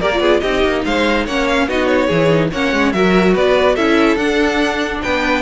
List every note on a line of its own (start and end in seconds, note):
0.00 0.20 A#3
0.00 0.13 G4
0.00 0.21 A#4
0.00 0.41 D5
0.13 0.45 F4
0.20 0.40 B3
0.20 0.41 G#4
0.41 0.64 C4
0.41 1.29 D#4
0.41 0.83 G4
0.41 0.82 D#5
0.64 0.85 A#3
0.85 1.26 G#3
0.85 1.26 C5
0.85 1.27 F5
1.26 1.67 A#3
1.26 1.69 C#4
1.26 1.68 C#5
1.26 1.48 F#5
1.48 1.69 F5
1.67 2.09 B3
1.67 2.10 D#4
1.67 2.07 F#4
1.67 1.87 D#5
1.87 2.49 C#5
2.07 2.52 E3
2.07 2.30 E4
2.07 2.49 G#4
2.30 2.51 D#4
2.52 2.73 A#3
2.52 2.94 C#4
2.52 2.93 C#5
2.52 2.92 F#5
2.73 2.93 G#3
2.92 3.35 F#3
2.92 3.77 F#4
2.92 3.34 A#4
2.92 3.34 E5
3.34 3.77 B3
3.34 3.75 B4
3.34 3.76 D5
3.75 4.17 C#4
3.75 4.19 E4
3.75 5.00 A4
3.75 4.17 E5
4.17 5.00 D4
4.17 5.42 D4
4.17 5.00 F#5
5.03 5.42 B3
5.03 5.42 B4
5.03 5.42 G5